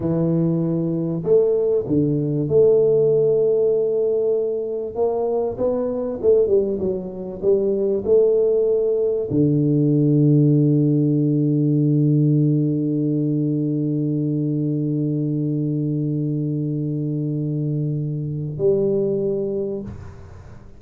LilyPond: \new Staff \with { instrumentName = "tuba" } { \time 4/4 \tempo 4 = 97 e2 a4 d4 | a1 | ais4 b4 a8 g8 fis4 | g4 a2 d4~ |
d1~ | d1~ | d1~ | d2 g2 | }